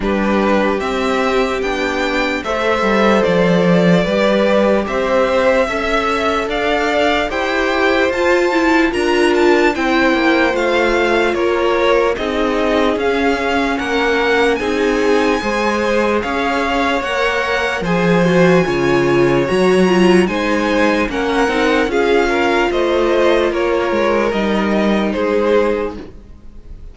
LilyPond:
<<
  \new Staff \with { instrumentName = "violin" } { \time 4/4 \tempo 4 = 74 b'4 e''4 g''4 e''4 | d''2 e''2 | f''4 g''4 a''4 ais''8 a''8 | g''4 f''4 cis''4 dis''4 |
f''4 fis''4 gis''2 | f''4 fis''4 gis''2 | ais''4 gis''4 fis''4 f''4 | dis''4 cis''4 dis''4 c''4 | }
  \new Staff \with { instrumentName = "violin" } { \time 4/4 g'2. c''4~ | c''4 b'4 c''4 e''4 | d''4 c''2 ais'4 | c''2 ais'4 gis'4~ |
gis'4 ais'4 gis'4 c''4 | cis''2 c''4 cis''4~ | cis''4 c''4 ais'4 gis'8 ais'8 | c''4 ais'2 gis'4 | }
  \new Staff \with { instrumentName = "viola" } { \time 4/4 d'4 c'4 d'4 a'4~ | a'4 g'2 a'4~ | a'4 g'4 f'8 e'8 f'4 | e'4 f'2 dis'4 |
cis'2 dis'4 gis'4~ | gis'4 ais'4 gis'8 fis'8 f'4 | fis'8 f'8 dis'4 cis'8 dis'8 f'4~ | f'2 dis'2 | }
  \new Staff \with { instrumentName = "cello" } { \time 4/4 g4 c'4 b4 a8 g8 | f4 g4 c'4 cis'4 | d'4 e'4 f'4 d'4 | c'8 ais8 a4 ais4 c'4 |
cis'4 ais4 c'4 gis4 | cis'4 ais4 f4 cis4 | fis4 gis4 ais8 c'8 cis'4 | a4 ais8 gis8 g4 gis4 | }
>>